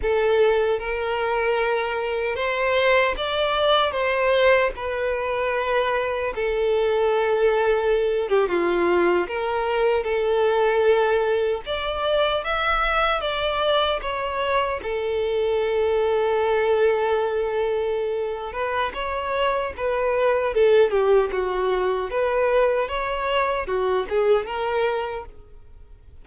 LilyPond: \new Staff \with { instrumentName = "violin" } { \time 4/4 \tempo 4 = 76 a'4 ais'2 c''4 | d''4 c''4 b'2 | a'2~ a'8 g'16 f'4 ais'16~ | ais'8. a'2 d''4 e''16~ |
e''8. d''4 cis''4 a'4~ a'16~ | a'2.~ a'8 b'8 | cis''4 b'4 a'8 g'8 fis'4 | b'4 cis''4 fis'8 gis'8 ais'4 | }